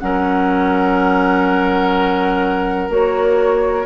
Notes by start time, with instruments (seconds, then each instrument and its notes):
0.00 bassoon F#3, clarinet C#4, oboe A#4, flute F#5
2.89 bassoon A#3, clarinet F#4, flute C#5